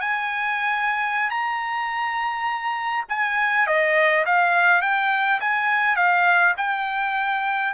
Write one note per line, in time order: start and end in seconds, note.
0.00 1.29 G#5
1.29 3.04 A#5
3.08 3.66 G#5
3.66 4.24 D#5
4.25 4.81 F5
4.81 5.40 G5
5.40 5.95 G#5
5.95 6.54 F5
6.57 7.73 G5